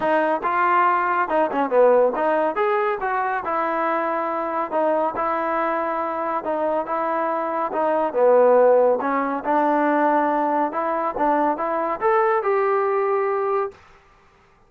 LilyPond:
\new Staff \with { instrumentName = "trombone" } { \time 4/4 \tempo 4 = 140 dis'4 f'2 dis'8 cis'8 | b4 dis'4 gis'4 fis'4 | e'2. dis'4 | e'2. dis'4 |
e'2 dis'4 b4~ | b4 cis'4 d'2~ | d'4 e'4 d'4 e'4 | a'4 g'2. | }